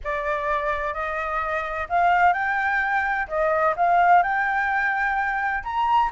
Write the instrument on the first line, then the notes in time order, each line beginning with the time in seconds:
flute
0.03 D5
0.93 D#5
1.89 F5
2.33 G5
3.27 D#5
3.76 F5
4.22 G5
5.63 A#5